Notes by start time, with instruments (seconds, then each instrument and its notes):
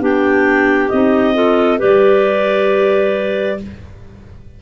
0.00 tuba B3, clarinet D4 G4 G5
0.89 tuba C4, clarinet D#4 D#5
1.35 clarinet F4 A4
1.78 tuba G3, clarinet G4 B4 D5